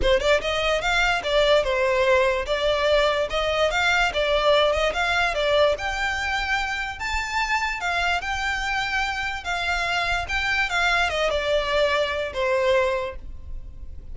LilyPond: \new Staff \with { instrumentName = "violin" } { \time 4/4 \tempo 4 = 146 c''8 d''8 dis''4 f''4 d''4 | c''2 d''2 | dis''4 f''4 d''4. dis''8 | f''4 d''4 g''2~ |
g''4 a''2 f''4 | g''2. f''4~ | f''4 g''4 f''4 dis''8 d''8~ | d''2 c''2 | }